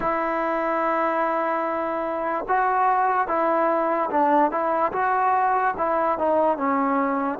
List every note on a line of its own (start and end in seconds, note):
0.00 2.45 E4
2.47 3.27 F#4
3.27 4.09 E4
4.10 4.51 D4
4.51 4.92 E4
4.92 5.74 F#4
5.77 6.18 E4
6.18 6.57 D#4
6.57 7.39 C#4